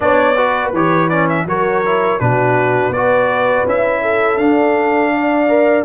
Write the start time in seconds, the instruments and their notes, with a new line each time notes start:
0.00 tuba B3, trombone D4, horn C#5, trumpet D5
0.36 trombone F#4, horn B4
0.72 tuba E3, trombone G4, trumpet C#5
1.09 trombone C#4, trumpet D5
1.29 trumpet E5
1.45 tuba F#3, trombone F#4, horn A#4, trumpet C#5
1.85 trombone E4
2.19 tuba B2, trombone D4, horn F#4, trumpet B4
2.89 tuba B3, trumpet D5
2.95 trombone F#4, horn B4
3.65 tuba C#4, trombone E4, trumpet E5
4.01 horn A4
4.37 tuba D4, trombone D4, trumpet F5
5.14 horn D5
5.48 trombone A#4